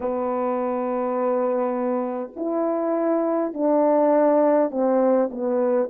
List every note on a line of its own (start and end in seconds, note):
0.00 2.32 B3
2.36 3.53 E4
3.53 4.71 D4
4.71 5.29 C4
5.30 5.89 B3